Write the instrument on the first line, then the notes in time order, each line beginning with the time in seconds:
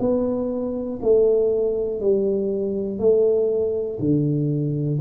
tuba
0.00 B3
1.02 A3
2.01 G3
3.00 A3
4.00 D3